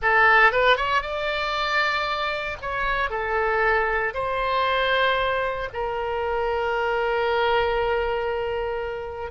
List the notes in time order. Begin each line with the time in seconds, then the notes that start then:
0.02 A4
0.52 B4
0.76 C#5
1.02 D5
2.61 C#5
3.10 A4
4.14 C5
5.73 A#4